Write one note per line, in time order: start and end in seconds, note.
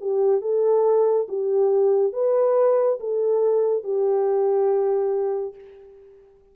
0.00 0.41 G4
0.41 1.27 A4
1.28 2.12 G4
2.12 2.98 B4
3.00 3.83 A4
3.83 5.54 G4